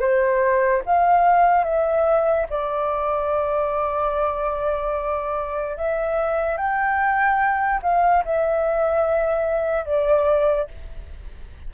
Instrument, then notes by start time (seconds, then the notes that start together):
flute
0.00 C5
0.86 F5
1.64 E5
2.50 D5
5.77 E5
6.58 G5
7.83 F5
8.25 E5
9.86 D5